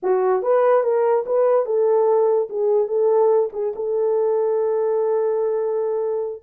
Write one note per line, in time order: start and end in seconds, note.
0.03 0.42 F#4
0.42 0.83 B4
0.83 1.24 A#4
1.26 1.65 B4
1.65 2.48 A4
2.49 2.87 G#4
2.87 3.49 A4
3.52 3.73 G#4
3.75 6.42 A4